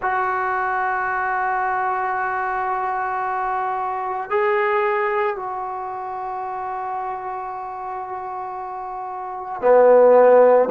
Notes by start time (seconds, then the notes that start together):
0.01 F#4
4.30 G#4
5.36 F#4
9.61 B3